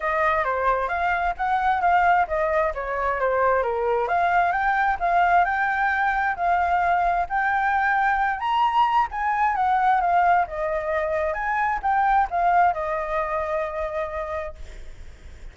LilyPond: \new Staff \with { instrumentName = "flute" } { \time 4/4 \tempo 4 = 132 dis''4 c''4 f''4 fis''4 | f''4 dis''4 cis''4 c''4 | ais'4 f''4 g''4 f''4 | g''2 f''2 |
g''2~ g''8 ais''4. | gis''4 fis''4 f''4 dis''4~ | dis''4 gis''4 g''4 f''4 | dis''1 | }